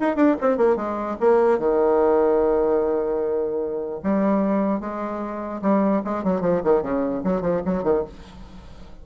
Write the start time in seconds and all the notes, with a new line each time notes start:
0.00 D#4
0.16 D4
0.41 C4
0.58 A#3
0.76 G#3
1.20 A#3
1.59 D#3
4.03 G3
4.80 G#3
5.62 G3
6.05 G#3
6.24 F#3
6.41 F3
6.64 D#3
6.82 C#3
7.24 F#3
7.41 F3
7.65 F#3
7.83 D#3